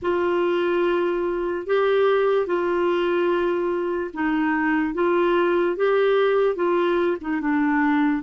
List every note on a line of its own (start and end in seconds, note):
0.02 1.66 F4
1.66 2.46 G4
2.46 4.11 F4
4.13 4.94 D#4
4.94 5.76 F4
5.76 6.55 G4
6.55 7.17 F4
7.20 7.40 D#4
7.40 8.22 D4